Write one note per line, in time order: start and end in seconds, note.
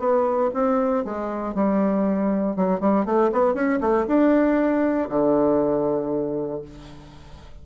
0.00 0.51 B3
0.54 1.05 C4
1.05 1.55 G#3
1.55 2.56 G3
2.56 2.81 F#3
2.81 3.06 G3
3.06 3.31 A3
3.33 3.55 B3
3.55 3.80 C#4
3.81 4.06 A3
4.07 5.09 D4
5.10 6.62 D3